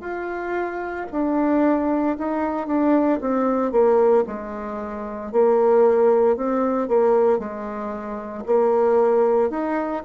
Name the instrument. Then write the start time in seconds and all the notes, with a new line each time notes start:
bassoon
0.00 F4
1.11 D4
2.18 D#4
2.67 D4
3.21 C4
3.71 A#3
4.27 G#3
5.32 A#3
6.36 C4
6.88 A#3
7.38 G#3
8.45 A#3
9.50 D#4